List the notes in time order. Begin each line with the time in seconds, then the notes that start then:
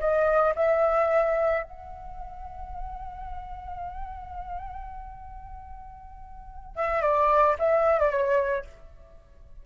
0.00 D#5
0.56 E5
1.63 F#5
6.76 E5
7.02 D5
7.59 E5
8.00 D5
8.11 C#5